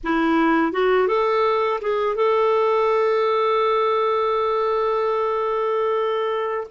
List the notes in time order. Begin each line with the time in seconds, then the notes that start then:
0.03 E4
0.72 F#4
1.07 A4
1.81 G#4
2.15 A4